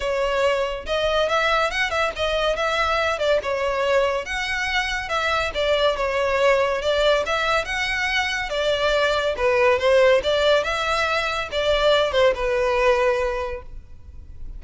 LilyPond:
\new Staff \with { instrumentName = "violin" } { \time 4/4 \tempo 4 = 141 cis''2 dis''4 e''4 | fis''8 e''8 dis''4 e''4. d''8 | cis''2 fis''2 | e''4 d''4 cis''2 |
d''4 e''4 fis''2 | d''2 b'4 c''4 | d''4 e''2 d''4~ | d''8 c''8 b'2. | }